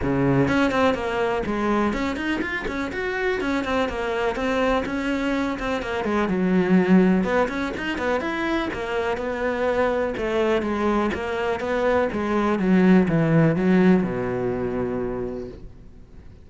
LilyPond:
\new Staff \with { instrumentName = "cello" } { \time 4/4 \tempo 4 = 124 cis4 cis'8 c'8 ais4 gis4 | cis'8 dis'8 f'8 cis'8 fis'4 cis'8 c'8 | ais4 c'4 cis'4. c'8 | ais8 gis8 fis2 b8 cis'8 |
dis'8 b8 e'4 ais4 b4~ | b4 a4 gis4 ais4 | b4 gis4 fis4 e4 | fis4 b,2. | }